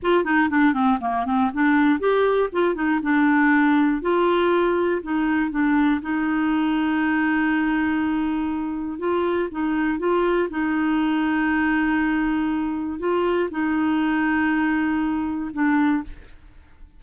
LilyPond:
\new Staff \with { instrumentName = "clarinet" } { \time 4/4 \tempo 4 = 120 f'8 dis'8 d'8 c'8 ais8 c'8 d'4 | g'4 f'8 dis'8 d'2 | f'2 dis'4 d'4 | dis'1~ |
dis'2 f'4 dis'4 | f'4 dis'2.~ | dis'2 f'4 dis'4~ | dis'2. d'4 | }